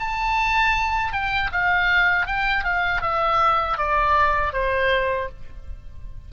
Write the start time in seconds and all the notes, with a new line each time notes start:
0.00 A5
1.13 G5
1.53 F5
2.27 G5
2.64 F5
3.02 E5
3.78 D5
4.53 C5